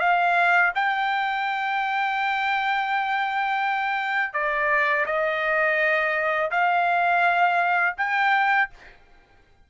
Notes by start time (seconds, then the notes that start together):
0.00 F5
0.75 G5
4.33 D5
5.06 D#5
6.51 F5
7.98 G5